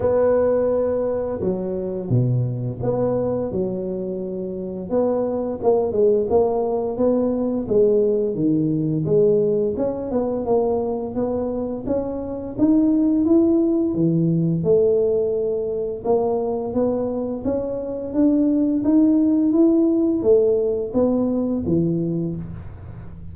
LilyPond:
\new Staff \with { instrumentName = "tuba" } { \time 4/4 \tempo 4 = 86 b2 fis4 b,4 | b4 fis2 b4 | ais8 gis8 ais4 b4 gis4 | dis4 gis4 cis'8 b8 ais4 |
b4 cis'4 dis'4 e'4 | e4 a2 ais4 | b4 cis'4 d'4 dis'4 | e'4 a4 b4 e4 | }